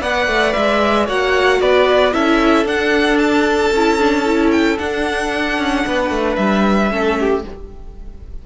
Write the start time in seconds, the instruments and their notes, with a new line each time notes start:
0.00 cello B3, viola B4, violin D5 F#5
0.27 cello A3
0.53 cello G#3, violin E5
1.06 cello A#3, viola F#4, violin C#5 F#5
1.61 cello B3, violin B4 D5
2.13 cello C#4, viola E4, violin A4 E5
2.65 cello D4, viola D4, violin F#5
3.18 violin A5
3.72 cello C#4, viola E4
3.99 viola D4
4.26 viola E4
4.51 violin G5
4.78 viola D4, cello D4, violin F#5
5.58 cello C#4
5.87 cello B3, violin B4
6.11 cello A3
6.36 cello G3, violin E5
6.90 cello A3, viola C#4, violin A4
7.20 violin G4